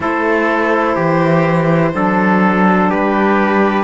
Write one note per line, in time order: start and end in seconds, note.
0.00 0.96 A3
0.00 1.91 E4
0.00 0.95 A4
0.00 2.90 C5
0.95 1.93 E3
0.95 1.92 G4
1.92 2.91 F#3
1.92 3.83 D4
1.92 2.90 A4
2.90 3.83 G3
2.90 3.83 G4
2.90 3.83 B4